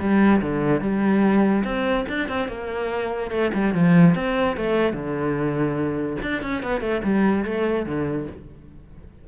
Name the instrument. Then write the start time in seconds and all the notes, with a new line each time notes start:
cello
0.00 G3
0.42 D3
0.81 G3
1.65 C4
2.09 D4
2.29 C4
2.49 A#3
3.31 A3
3.54 G3
3.75 F3
4.15 C4
4.57 A3
4.93 D3
6.22 D4
6.43 C#4
6.63 B3
6.81 A3
7.04 G3
7.45 A3
7.86 D3